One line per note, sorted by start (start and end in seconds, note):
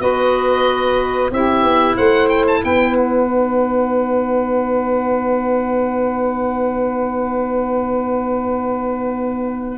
0.00 1.31 B3
0.00 1.30 F#4
0.00 1.32 B4
0.00 1.31 D#5
1.31 1.63 C4
1.31 3.27 E4
1.31 1.96 G4
1.31 1.97 E5
1.63 1.96 B3
1.96 2.64 A3
1.96 2.61 C5
1.96 2.29 F#5
2.29 2.45 G5
2.47 2.64 A5
2.64 9.78 B3
2.64 9.78 B4
2.64 2.97 G5
2.97 9.78 F#5
3.27 9.78 D#4